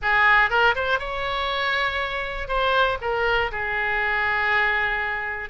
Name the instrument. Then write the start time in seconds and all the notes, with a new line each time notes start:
oboe
0.01 G#4
0.50 A#4
0.75 C5
0.99 C#5
2.48 C5
3.01 A#4
3.51 G#4